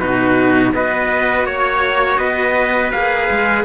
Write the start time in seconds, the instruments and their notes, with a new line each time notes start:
0.00 cello B2 D#4, trumpet F#4 B4
0.73 cello B3 F#4, trumpet B4 D#5
1.45 cello A#3, trumpet C#5
2.18 cello B3, trumpet B4 D#5
2.92 cello A#3 G#4, trumpet F5
3.31 cello G#3